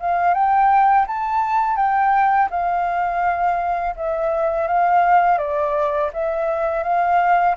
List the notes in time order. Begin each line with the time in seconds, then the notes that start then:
0.00 F5
0.34 G5
1.07 A5
1.76 G5
2.51 F5
3.96 E5
4.68 F5
5.38 D5
6.13 E5
6.83 F5